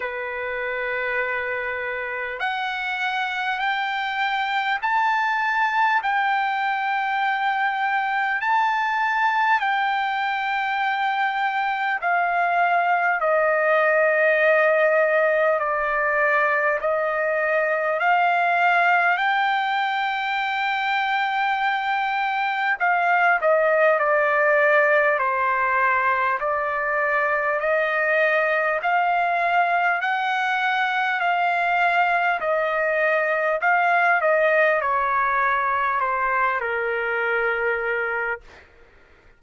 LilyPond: \new Staff \with { instrumentName = "trumpet" } { \time 4/4 \tempo 4 = 50 b'2 fis''4 g''4 | a''4 g''2 a''4 | g''2 f''4 dis''4~ | dis''4 d''4 dis''4 f''4 |
g''2. f''8 dis''8 | d''4 c''4 d''4 dis''4 | f''4 fis''4 f''4 dis''4 | f''8 dis''8 cis''4 c''8 ais'4. | }